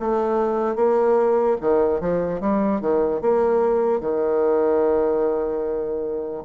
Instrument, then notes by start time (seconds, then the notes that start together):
bassoon
0.00 A3
0.76 A#3
1.61 D#3
2.01 F3
2.41 G3
2.81 D#3
3.22 A#3
4.01 D#3